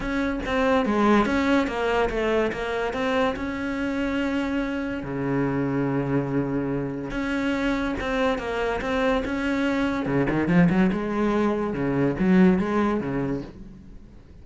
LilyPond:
\new Staff \with { instrumentName = "cello" } { \time 4/4 \tempo 4 = 143 cis'4 c'4 gis4 cis'4 | ais4 a4 ais4 c'4 | cis'1 | cis1~ |
cis4 cis'2 c'4 | ais4 c'4 cis'2 | cis8 dis8 f8 fis8 gis2 | cis4 fis4 gis4 cis4 | }